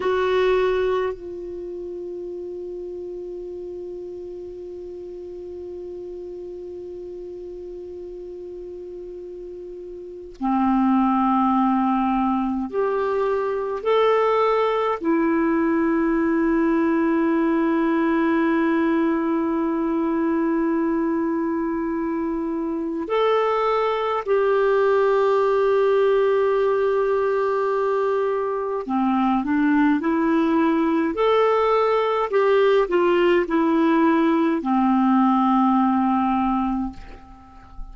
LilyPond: \new Staff \with { instrumentName = "clarinet" } { \time 4/4 \tempo 4 = 52 fis'4 f'2.~ | f'1~ | f'4 c'2 g'4 | a'4 e'2.~ |
e'1 | a'4 g'2.~ | g'4 c'8 d'8 e'4 a'4 | g'8 f'8 e'4 c'2 | }